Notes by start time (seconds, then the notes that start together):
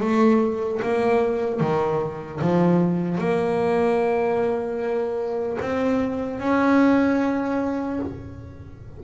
0.00 A3
0.82 A#3
1.60 D#3
2.41 F3
3.18 A#3
5.61 C4
6.39 C#4